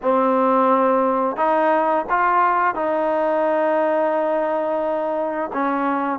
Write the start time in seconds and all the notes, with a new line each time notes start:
0.02 C4
1.36 D#4
2.09 F4
2.74 D#4
5.53 C#4